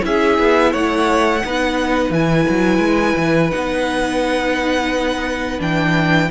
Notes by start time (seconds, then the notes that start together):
0.00 C#4 E4 E5
0.06 G#4
0.39 B3
0.71 A3 C#5 F#5
1.45 B3 D#4 B4
2.10 E3 E4 G#5
2.49 F#3
2.79 G#3
3.16 E3
3.51 B3 D#4 F#5
5.59 E3 D4 G5